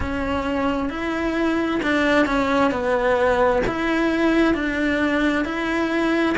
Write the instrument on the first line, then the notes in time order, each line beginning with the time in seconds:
cello
0.00 C#4
0.89 E4
1.82 D4
2.26 C#4
2.71 B3
3.67 E4
4.54 D4
5.44 E4